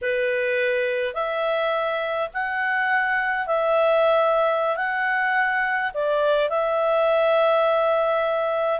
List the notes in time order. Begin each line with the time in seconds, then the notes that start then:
0.01 B4
1.14 E5
2.33 F#5
3.46 E5
4.76 F#5
5.94 D5
6.49 E5